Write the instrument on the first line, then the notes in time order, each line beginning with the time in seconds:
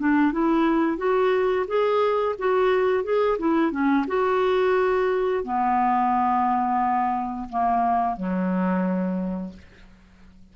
clarinet
0.00 D4
0.33 E4
0.98 F#4
1.68 G#4
2.39 F#4
3.04 G#4
3.39 E4
3.72 C#4
4.08 F#4
5.45 B3
7.50 A#3
8.17 F#3